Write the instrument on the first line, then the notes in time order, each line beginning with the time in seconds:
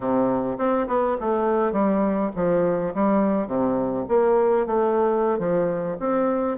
bassoon
0.00 C3
0.57 C4
0.87 B3
1.20 A3
1.72 G3
2.35 F3
2.94 G3
3.47 C3
4.08 A#3
4.66 A3
5.38 F3
5.99 C4